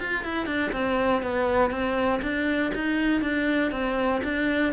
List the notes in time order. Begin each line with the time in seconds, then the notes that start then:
0.00 F4
0.24 E4
0.46 D4
0.72 C4
1.22 B3
1.71 C4
2.22 D4
2.75 D#4
3.21 D4
3.71 C4
4.24 D4